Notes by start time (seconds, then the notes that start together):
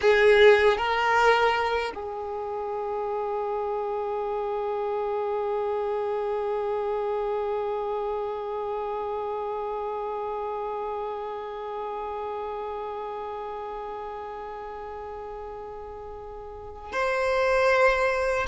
0.01 G#4
0.77 A#4
1.94 G#4
16.92 C5